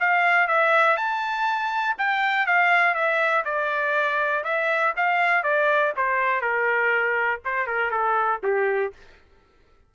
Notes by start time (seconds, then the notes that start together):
0.00 F5
0.47 E5
0.96 A5
1.98 G5
2.46 F5
2.94 E5
3.45 D5
4.44 E5
4.96 F5
5.43 D5
5.96 C5
6.41 A#4
7.44 C5
7.67 A#4
7.90 A4
8.43 G4